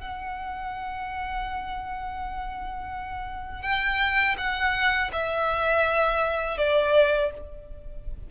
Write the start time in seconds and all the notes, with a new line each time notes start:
0.00 F#5
3.63 G5
4.38 F#5
5.13 E5
6.58 D5